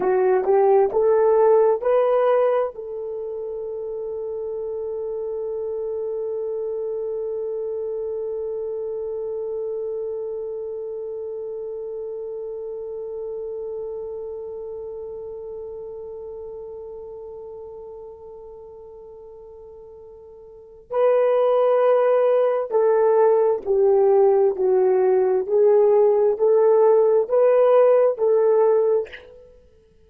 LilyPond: \new Staff \with { instrumentName = "horn" } { \time 4/4 \tempo 4 = 66 fis'8 g'8 a'4 b'4 a'4~ | a'1~ | a'1~ | a'1~ |
a'1~ | a'2. b'4~ | b'4 a'4 g'4 fis'4 | gis'4 a'4 b'4 a'4 | }